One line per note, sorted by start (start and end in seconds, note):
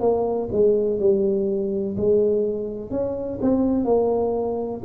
0.00 0.48 A#3
0.51 0.99 G#3
0.99 1.96 G3
1.96 2.90 G#3
2.90 3.39 C#4
3.41 3.84 C4
3.84 4.81 A#3